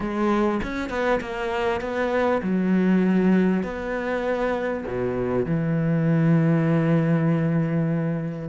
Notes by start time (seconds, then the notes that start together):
0.00 G#3
0.63 C#4
0.89 B3
1.20 A#3
1.80 B3
2.42 F#3
3.63 B3
4.87 B2
5.45 E3